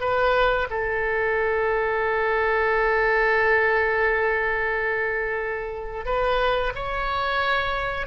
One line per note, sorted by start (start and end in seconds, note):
0.00 0.67 B4
0.70 6.05 A4
6.05 6.73 B4
6.74 8.06 C#5